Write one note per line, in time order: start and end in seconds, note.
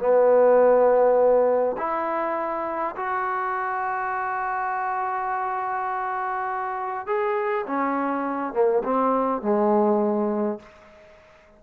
0.00 1.76 B3
1.78 2.96 E4
2.97 7.07 F#4
7.07 7.66 G#4
7.67 8.54 C#4
8.54 8.83 A#3
8.84 9.42 C4
9.42 10.60 G#3